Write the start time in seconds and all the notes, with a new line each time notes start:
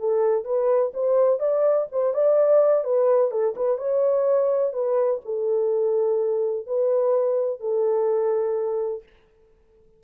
0.00 A4
0.45 B4
0.94 C5
1.40 D5
1.92 C5
2.14 D5
2.85 B4
3.31 A4
3.57 B4
3.78 C#5
4.74 B4
5.25 A4
6.67 B4
7.61 A4